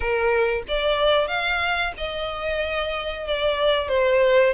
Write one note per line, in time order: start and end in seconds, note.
0.00 0.62 A#4
0.68 1.27 D5
1.27 1.92 F5
1.97 3.27 D#5
3.27 3.88 D5
3.88 4.53 C5